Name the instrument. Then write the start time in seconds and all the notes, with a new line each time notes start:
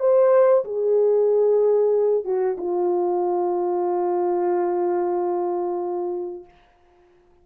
horn
0.00 C5
0.65 G#4
2.25 F#4
2.58 F4